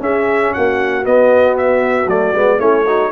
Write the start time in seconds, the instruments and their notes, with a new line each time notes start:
0.00 trombone C#4, tuba C#4, horn G#4, trumpet E5
0.53 tuba A#3, horn F#4, trumpet F#5
1.03 trombone B3, tuba B3, trumpet D#5
1.58 trumpet E5
2.07 tuba F#3, trombone A3, trumpet D5
2.35 tuba G#3, trombone B3
2.59 tuba A3, trombone C#4, horn E4, trumpet C#5
2.86 trombone D#4, horn F#4